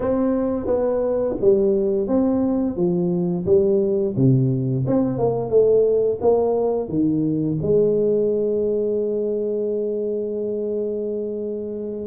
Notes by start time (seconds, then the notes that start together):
0.00 C4
0.66 B3
1.40 G3
2.07 C4
2.76 F3
3.45 G3
4.16 C3
4.86 C4
5.18 A#3
5.49 A3
6.21 A#3
6.88 D#3
7.62 G#3